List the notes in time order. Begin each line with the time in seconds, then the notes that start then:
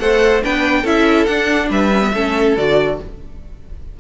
0.00 A3 A4 C5 F#5
0.42 B3 D4 B4 G5
0.82 C#4 E4 A4 E5
1.26 D4 F#5
1.70 G3 B4 E5
1.93 C#4
2.02 B3
2.14 A3 C#4 A4
2.57 D3 F#4 D5